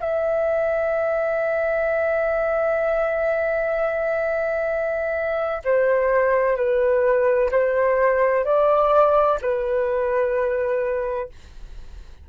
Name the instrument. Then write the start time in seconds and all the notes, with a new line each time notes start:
flute
0.00 E5
5.64 C5
6.56 B4
7.51 C5
8.45 D5
9.41 B4